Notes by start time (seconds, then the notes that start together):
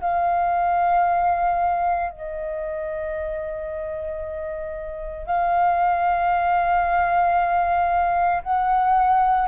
0.00 F5
2.11 D#5
5.26 F5
8.43 F#5